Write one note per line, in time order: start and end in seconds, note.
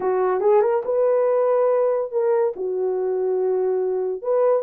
0.00 0.40 F#4
0.40 0.61 G#4
0.61 0.82 A#4
0.85 2.11 B4
2.11 2.53 A#4
2.56 4.22 F#4
4.22 4.62 B4